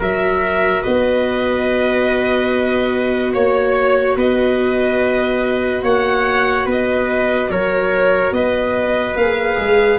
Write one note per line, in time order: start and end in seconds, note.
0.00 0.83 F#3
0.00 9.18 F#4
0.00 0.83 A#4
0.00 0.84 E5
0.83 3.35 B3
0.83 3.33 B4
0.83 3.34 D#5
3.33 4.17 A#3
3.33 4.16 C#5
3.33 4.18 C#5
4.17 5.83 B3
4.17 5.83 B4
4.17 5.85 D#5
5.83 6.66 A#3
5.83 6.66 C#5
5.83 6.68 F#5
6.66 7.50 B3
6.66 7.50 B4
6.66 7.52 D#5
7.51 8.32 F#3
7.51 8.35 A#4
7.51 8.34 C#5
8.32 9.15 B3
8.32 10.00 B4
8.32 9.17 D#5
9.16 9.58 A#3
9.16 10.00 G#4
9.16 10.00 F5
9.59 10.00 G#3